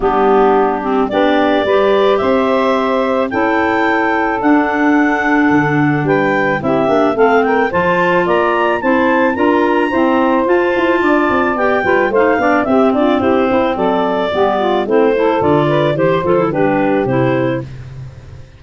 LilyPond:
<<
  \new Staff \with { instrumentName = "clarinet" } { \time 4/4 \tempo 4 = 109 g'2 d''2 | e''2 g''2 | fis''2. g''4 | e''4 f''8 g''8 a''4 ais''4 |
a''4 ais''2 a''4~ | a''4 g''4 f''4 e''8 d''8 | c''4 d''2 c''4 | d''4 c''8 a'8 b'4 c''4 | }
  \new Staff \with { instrumentName = "saxophone" } { \time 4/4 d'2 g'4 b'4 | c''2 a'2~ | a'2. b'4 | g'4 a'8 ais'8 c''4 d''4 |
c''4 ais'4 c''2 | d''4. b'8 c''8 d''8 g'8 f'8 | g'8 e'8 a'4 g'8 f'8 e'8 a'8~ | a'8 b'8 c''4 g'2 | }
  \new Staff \with { instrumentName = "clarinet" } { \time 4/4 b4. c'8 d'4 g'4~ | g'2 e'2 | d'1 | e'8 d'8 c'4 f'2 |
e'4 f'4 c'4 f'4~ | f'4 g'8 f'8 dis'8 d'8 c'4~ | c'2 b4 c'8 e'8 | f'4 g'8 f'16 e'16 d'4 e'4 | }
  \new Staff \with { instrumentName = "tuba" } { \time 4/4 g2 b4 g4 | c'2 cis'2 | d'2 d4 g4 | c'8 ais8 a4 f4 ais4 |
c'4 d'4 e'4 f'8 e'8 | d'8 c'8 b8 g8 a8 b8 c'8 d'8 | e'8 c'8 fis4 g4 a4 | d4 e8 f8 g4 c4 | }
>>